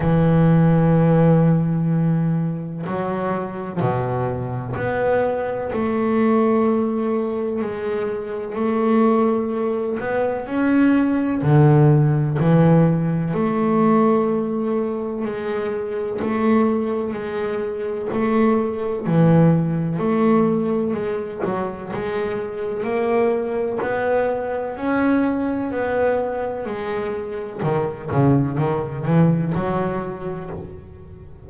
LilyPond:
\new Staff \with { instrumentName = "double bass" } { \time 4/4 \tempo 4 = 63 e2. fis4 | b,4 b4 a2 | gis4 a4. b8 cis'4 | d4 e4 a2 |
gis4 a4 gis4 a4 | e4 a4 gis8 fis8 gis4 | ais4 b4 cis'4 b4 | gis4 dis8 cis8 dis8 e8 fis4 | }